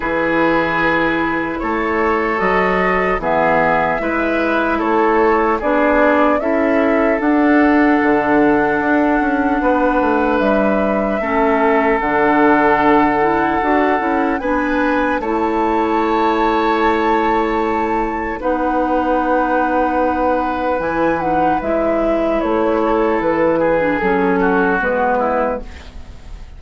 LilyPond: <<
  \new Staff \with { instrumentName = "flute" } { \time 4/4 \tempo 4 = 75 b'2 cis''4 dis''4 | e''2 cis''4 d''4 | e''4 fis''2.~ | fis''4 e''2 fis''4~ |
fis''2 gis''4 a''4~ | a''2. fis''4~ | fis''2 gis''8 fis''8 e''4 | cis''4 b'4 a'4 b'4 | }
  \new Staff \with { instrumentName = "oboe" } { \time 4/4 gis'2 a'2 | gis'4 b'4 a'4 gis'4 | a'1 | b'2 a'2~ |
a'2 b'4 cis''4~ | cis''2. b'4~ | b'1~ | b'8 a'4 gis'4 fis'4 e'8 | }
  \new Staff \with { instrumentName = "clarinet" } { \time 4/4 e'2. fis'4 | b4 e'2 d'4 | e'4 d'2.~ | d'2 cis'4 d'4~ |
d'8 e'8 fis'8 e'8 d'4 e'4~ | e'2. dis'4~ | dis'2 e'8 dis'8 e'4~ | e'4.~ e'16 d'16 cis'4 b4 | }
  \new Staff \with { instrumentName = "bassoon" } { \time 4/4 e2 a4 fis4 | e4 gis4 a4 b4 | cis'4 d'4 d4 d'8 cis'8 | b8 a8 g4 a4 d4~ |
d4 d'8 cis'8 b4 a4~ | a2. b4~ | b2 e4 gis4 | a4 e4 fis4 gis4 | }
>>